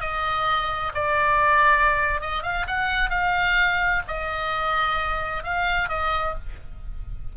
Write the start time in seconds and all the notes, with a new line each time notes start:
0.00 D#5
0.94 D5
2.20 D#5
2.43 F5
2.67 F#5
3.10 F5
4.07 D#5
5.43 F5
5.88 D#5